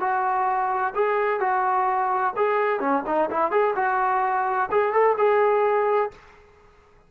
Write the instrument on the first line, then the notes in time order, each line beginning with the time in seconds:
trombone
0.00 F#4
0.95 G#4
1.40 F#4
2.37 G#4
2.80 C#4
3.06 D#4
3.30 E4
3.51 G#4
3.76 F#4
4.71 G#4
4.93 A4
5.18 G#4